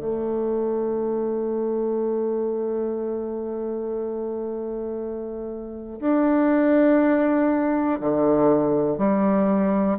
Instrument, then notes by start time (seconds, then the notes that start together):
bassoon
0.00 A3
6.00 D4
8.00 D3
8.98 G3